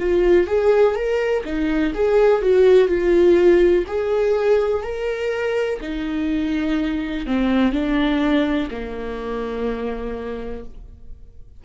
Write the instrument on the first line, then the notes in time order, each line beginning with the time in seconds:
viola
0.00 F4
0.47 G#4
0.95 A#4
1.45 D#4
1.94 G#4
2.42 F#4
2.89 F4
3.88 G#4
4.83 A#4
5.82 D#4
7.27 C4
7.72 D4
8.71 A#3